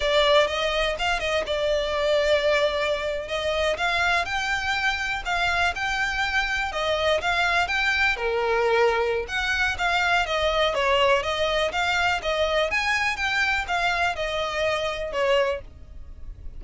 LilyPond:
\new Staff \with { instrumentName = "violin" } { \time 4/4 \tempo 4 = 123 d''4 dis''4 f''8 dis''8 d''4~ | d''2~ d''8. dis''4 f''16~ | f''8. g''2 f''4 g''16~ | g''4.~ g''16 dis''4 f''4 g''16~ |
g''8. ais'2~ ais'16 fis''4 | f''4 dis''4 cis''4 dis''4 | f''4 dis''4 gis''4 g''4 | f''4 dis''2 cis''4 | }